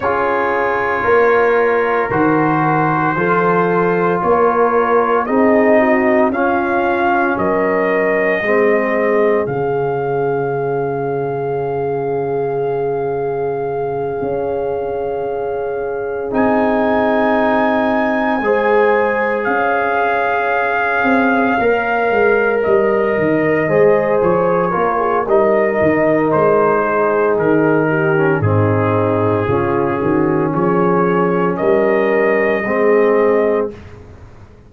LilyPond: <<
  \new Staff \with { instrumentName = "trumpet" } { \time 4/4 \tempo 4 = 57 cis''2 c''2 | cis''4 dis''4 f''4 dis''4~ | dis''4 f''2.~ | f''2.~ f''8 gis''8~ |
gis''2~ gis''8 f''4.~ | f''4. dis''4. cis''4 | dis''4 c''4 ais'4 gis'4~ | gis'4 cis''4 dis''2 | }
  \new Staff \with { instrumentName = "horn" } { \time 4/4 gis'4 ais'2 a'4 | ais'4 gis'8 fis'8 f'4 ais'4 | gis'1~ | gis'1~ |
gis'4. c''4 cis''4.~ | cis''2~ cis''8 c''4 ais'16 gis'16 | ais'4. gis'4 g'8 dis'4 | f'8 fis'8 gis'4 ais'4 gis'4 | }
  \new Staff \with { instrumentName = "trombone" } { \time 4/4 f'2 fis'4 f'4~ | f'4 dis'4 cis'2 | c'4 cis'2.~ | cis'2.~ cis'8 dis'8~ |
dis'4. gis'2~ gis'8~ | gis'8 ais'2 gis'4 f'8 | dis'2~ dis'8. cis'16 c'4 | cis'2. c'4 | }
  \new Staff \with { instrumentName = "tuba" } { \time 4/4 cis'4 ais4 dis4 f4 | ais4 c'4 cis'4 fis4 | gis4 cis2.~ | cis4. cis'2 c'8~ |
c'4. gis4 cis'4. | c'8 ais8 gis8 g8 dis8 gis8 f8 ais8 | g8 dis8 gis4 dis4 gis,4 | cis8 dis8 f4 g4 gis4 | }
>>